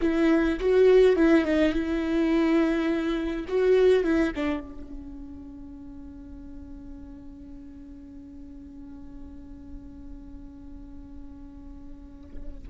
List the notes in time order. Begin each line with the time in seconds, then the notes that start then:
0.01 E4
0.59 F#4
1.15 E4
1.44 D#4
1.73 E4
3.48 F#4
4.03 E4
4.35 D4
4.59 C#4